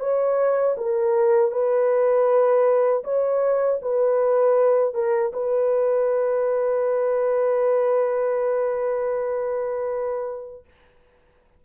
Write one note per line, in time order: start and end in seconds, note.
0.00 0.76 C#5
0.78 1.52 A#4
1.52 3.04 B4
3.04 3.80 C#5
3.82 4.94 B4
4.94 5.32 A#4
5.33 10.65 B4